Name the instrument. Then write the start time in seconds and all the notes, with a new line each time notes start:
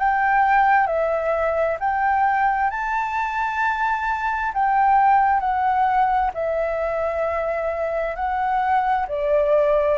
flute
0.00 G5
0.87 E5
1.80 G5
2.71 A5
4.54 G5
5.40 F#5
6.35 E5
8.16 F#5
9.08 D5